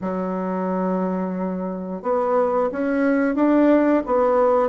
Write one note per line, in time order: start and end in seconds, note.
0.01 2.02 F#3
2.02 2.69 B3
2.72 3.35 C#4
3.35 4.02 D4
4.05 4.69 B3